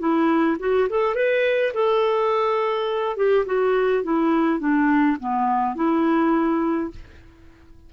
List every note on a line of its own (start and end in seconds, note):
0.00 0.58 E4
0.60 0.89 F#4
0.90 1.15 A4
1.15 1.73 B4
1.74 3.17 A4
3.17 3.46 G4
3.46 4.04 F#4
4.04 4.60 E4
4.60 5.17 D4
5.20 5.76 B3
5.76 6.91 E4